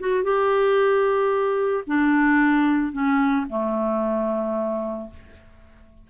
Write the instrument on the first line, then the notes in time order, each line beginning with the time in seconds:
clarinet
0.00 F#4
0.24 G4
1.87 D4
2.93 C#4
3.49 A3